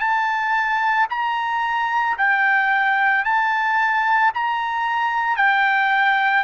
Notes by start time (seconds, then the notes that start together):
0.00 A5
1.10 A#5
2.18 G5
3.24 A5
4.34 A#5
5.37 G5